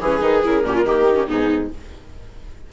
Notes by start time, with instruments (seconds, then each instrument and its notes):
0.00 bassoon E3, viola C#4 G#4, flute B4
0.20 bassoon D#3, viola D#4
0.43 bassoon C#3, viola E4, flute A#4
0.63 bassoon A#2, viola C#4 G4
0.75 viola F4
0.83 bassoon D#3, viola A#3 G4
1.07 viola D#4
1.15 viola C#4
1.27 bassoon G#2, viola B3 D#4, flute G#4